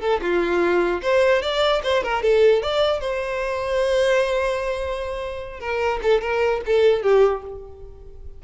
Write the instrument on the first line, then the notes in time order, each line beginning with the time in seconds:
violin
0.00 A4
0.21 F4
1.02 C5
1.42 D5
1.83 C5
2.03 A#4
2.22 A4
2.62 D5
3.00 C5
5.60 A#4
6.02 A4
6.21 A#4
6.66 A4
7.02 G4